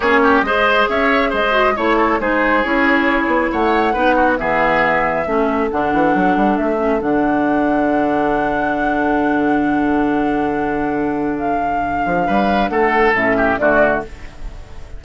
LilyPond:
<<
  \new Staff \with { instrumentName = "flute" } { \time 4/4 \tempo 4 = 137 cis''4 dis''4 e''4 dis''4 | cis''4 c''4 cis''2 | fis''2 e''2~ | e''4 fis''2 e''4 |
fis''1~ | fis''1~ | fis''2 f''2~ | f''4 fis''4 e''4 d''4 | }
  \new Staff \with { instrumentName = "oboe" } { \time 4/4 gis'8 g'8 c''4 cis''4 c''4 | cis''8 a'8 gis'2. | cis''4 b'8 fis'8 gis'2 | a'1~ |
a'1~ | a'1~ | a'1 | b'4 a'4. g'8 fis'4 | }
  \new Staff \with { instrumentName = "clarinet" } { \time 4/4 cis'4 gis'2~ gis'8 fis'8 | e'4 dis'4 e'2~ | e'4 dis'4 b2 | cis'4 d'2~ d'8 cis'8 |
d'1~ | d'1~ | d'1~ | d'2 cis'4 a4 | }
  \new Staff \with { instrumentName = "bassoon" } { \time 4/4 ais4 gis4 cis'4 gis4 | a4 gis4 cis'4. b8 | a4 b4 e2 | a4 d8 e8 fis8 g8 a4 |
d1~ | d1~ | d2.~ d8 f8 | g4 a4 a,4 d4 | }
>>